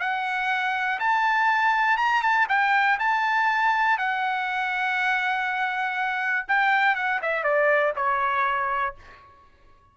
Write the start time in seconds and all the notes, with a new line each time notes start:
0.00 F#5
0.99 A5
1.97 A#5
2.22 A5
2.49 G5
2.99 A5
3.98 F#5
6.48 G5
6.95 F#5
7.22 E5
7.44 D5
7.96 C#5